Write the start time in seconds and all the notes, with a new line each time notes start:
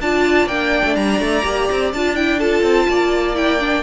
0.00 D4 F4 D5 A5
0.46 A#3 D4 G5
0.84 A3
0.95 G3 A#5
1.19 A3
1.43 A#3 G4
1.71 C4
1.93 D4 F4 A5
2.15 E4 G5
2.38 F4 A4 A5
2.62 C4
2.88 A#3 D5
3.34 E4 G5
3.59 D4